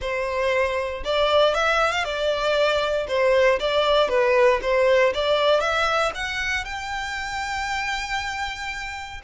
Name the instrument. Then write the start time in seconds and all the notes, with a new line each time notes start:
violin
0.01 C5
1.04 D5
1.54 E5
1.92 F5
2.04 D5
3.08 C5
3.59 D5
4.08 B4
4.62 C5
5.14 D5
5.60 E5
6.14 F#5
6.64 G5